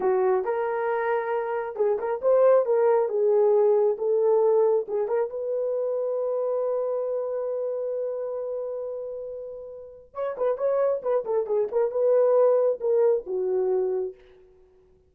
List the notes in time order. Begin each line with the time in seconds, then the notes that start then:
0.00 F#4
0.44 A#4
1.75 G#4
1.98 A#4
2.21 C5
2.65 A#4
3.08 G#4
3.98 A4
4.88 G#4
5.07 A#4
5.30 B4
10.14 C#5
10.37 B4
10.57 C#5
11.02 B4
11.24 A4
11.46 G#4
11.71 A#4
11.91 B4
12.80 A#4
13.26 F#4